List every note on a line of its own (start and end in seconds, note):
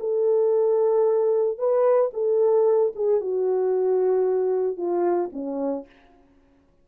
0.00 1.58 A4
1.58 2.11 B4
2.14 2.93 A4
2.95 3.21 G#4
3.21 4.77 F#4
4.77 5.30 F4
5.33 5.86 C#4